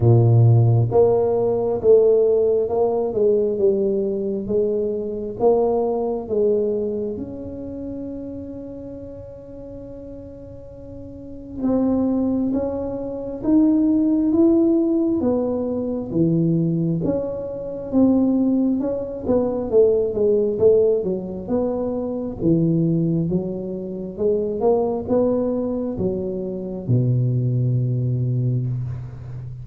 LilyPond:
\new Staff \with { instrumentName = "tuba" } { \time 4/4 \tempo 4 = 67 ais,4 ais4 a4 ais8 gis8 | g4 gis4 ais4 gis4 | cis'1~ | cis'4 c'4 cis'4 dis'4 |
e'4 b4 e4 cis'4 | c'4 cis'8 b8 a8 gis8 a8 fis8 | b4 e4 fis4 gis8 ais8 | b4 fis4 b,2 | }